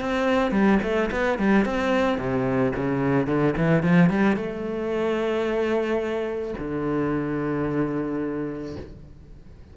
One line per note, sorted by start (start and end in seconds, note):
0.00 0.51 C4
0.51 0.79 G3
0.83 1.10 A3
1.11 1.38 B3
1.38 1.65 G3
1.65 2.18 C4
2.18 2.72 C3
2.75 3.27 C#3
3.27 3.54 D3
3.57 3.83 E3
3.83 4.10 F3
4.10 4.36 G3
4.36 6.54 A3
6.58 8.76 D3